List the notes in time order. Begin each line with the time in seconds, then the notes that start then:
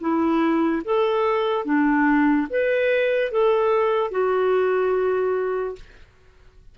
0.00 E4
0.84 A4
1.65 D4
2.50 B4
3.31 A4
4.11 F#4